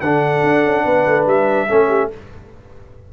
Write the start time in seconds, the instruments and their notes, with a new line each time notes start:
0.00 tuba D3, trombone D4, horn A4, trumpet F#5
0.43 tuba D4
0.64 tuba C#4
0.84 tuba B3, horn B4
1.06 tuba A3
1.26 tuba G3, trumpet E5
1.67 tuba A3, trombone C#4, horn A4
1.88 horn G4